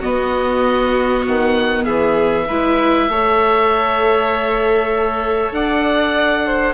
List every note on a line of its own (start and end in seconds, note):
0.00 2.47 B3
0.00 1.26 B3
0.00 1.84 F#4
0.00 1.25 D#5
1.27 1.87 D#3
1.27 1.84 F#5
1.84 2.48 E3
1.84 2.45 G#4
1.84 5.52 E5
2.48 3.09 G#3
2.48 3.12 E4
2.48 3.09 B4
3.09 5.51 A3
3.09 6.74 A4
3.09 5.55 C#5
5.51 6.74 D4
5.51 6.46 D5
5.51 6.74 F#5
6.46 6.74 C5